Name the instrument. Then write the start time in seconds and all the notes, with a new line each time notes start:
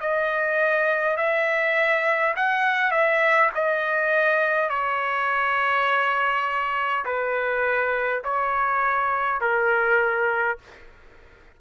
trumpet
0.00 D#5
1.17 E5
2.36 F#5
2.91 E5
3.55 D#5
4.70 C#5
7.05 B4
8.24 C#5
9.41 A#4